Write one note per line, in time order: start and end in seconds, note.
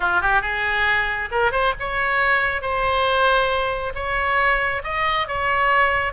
0.00 0.21 F4
0.21 0.41 G4
0.41 1.29 G#4
1.31 1.51 A#4
1.51 1.73 C5
1.79 2.61 C#5
2.61 3.93 C5
3.94 4.82 C#5
4.83 5.27 D#5
5.27 6.13 C#5